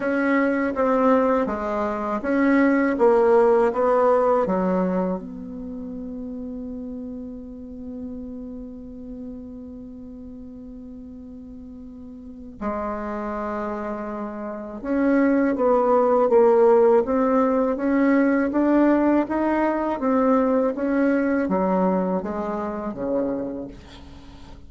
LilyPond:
\new Staff \with { instrumentName = "bassoon" } { \time 4/4 \tempo 4 = 81 cis'4 c'4 gis4 cis'4 | ais4 b4 fis4 b4~ | b1~ | b1~ |
b4 gis2. | cis'4 b4 ais4 c'4 | cis'4 d'4 dis'4 c'4 | cis'4 fis4 gis4 cis4 | }